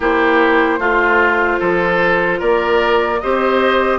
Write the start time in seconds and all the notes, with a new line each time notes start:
0.00 A#3 E4 G4 C5
0.79 A3 F4
1.59 F3 A4
2.39 A#3 A#4 D5
3.20 C4 G4 C5 D#5